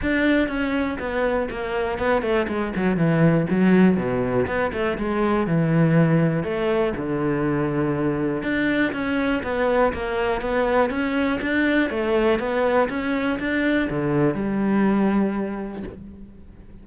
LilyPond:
\new Staff \with { instrumentName = "cello" } { \time 4/4 \tempo 4 = 121 d'4 cis'4 b4 ais4 | b8 a8 gis8 fis8 e4 fis4 | b,4 b8 a8 gis4 e4~ | e4 a4 d2~ |
d4 d'4 cis'4 b4 | ais4 b4 cis'4 d'4 | a4 b4 cis'4 d'4 | d4 g2. | }